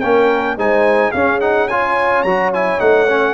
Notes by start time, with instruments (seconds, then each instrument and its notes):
0.00 tuba A#3, trombone C#4, horn A#4, trumpet G5
0.57 tuba G#3, trombone D#4, horn C5, trumpet G#5
1.11 tuba C#4, trombone C#4, horn G#4, trumpet F5
1.40 trombone D#4, trumpet F#5
1.68 trombone F4, horn C#5, trumpet G#5
2.22 tuba F#3, trombone F#4, trumpet A#5
2.53 trombone E4, trumpet G#5
2.79 tuba A3, trombone D#4, trumpet F#5
3.08 trombone C#4